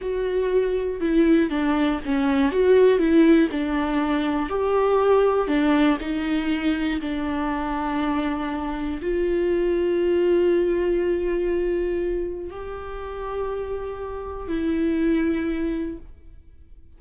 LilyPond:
\new Staff \with { instrumentName = "viola" } { \time 4/4 \tempo 4 = 120 fis'2 e'4 d'4 | cis'4 fis'4 e'4 d'4~ | d'4 g'2 d'4 | dis'2 d'2~ |
d'2 f'2~ | f'1~ | f'4 g'2.~ | g'4 e'2. | }